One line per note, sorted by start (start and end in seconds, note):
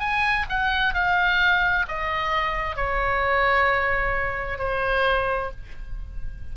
0.00 0.46 G#5
0.50 0.94 F#5
0.94 1.87 F5
1.88 2.77 D#5
2.77 4.59 C#5
4.59 5.51 C5